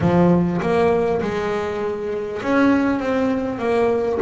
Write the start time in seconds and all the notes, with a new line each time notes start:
0.01 F3
0.61 A#3
1.21 G#3
2.42 C#4
2.99 C4
3.58 A#3